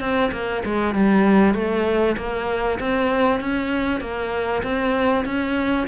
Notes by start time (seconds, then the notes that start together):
0.00 C4
0.32 A#3
0.65 G#3
0.94 G3
1.54 A3
2.17 A#3
2.79 C4
3.40 C#4
4.01 A#3
4.63 C4
5.25 C#4